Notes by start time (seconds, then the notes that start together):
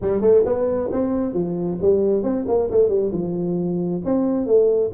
0.01 G3
0.21 A3
0.45 B3
0.92 C4
1.33 F3
1.81 G3
2.23 C4
2.47 A#3
2.70 A3
2.88 G3
3.12 F3
4.04 C4
4.46 A3